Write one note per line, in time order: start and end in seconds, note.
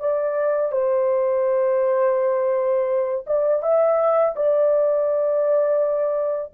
0.00 0.72 D5
0.72 3.25 C5
3.27 3.63 D5
3.63 4.35 E5
4.36 6.53 D5